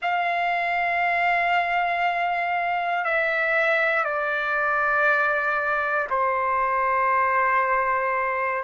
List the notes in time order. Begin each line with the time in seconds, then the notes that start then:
0.01 F5
3.04 E5
4.04 D5
6.10 C5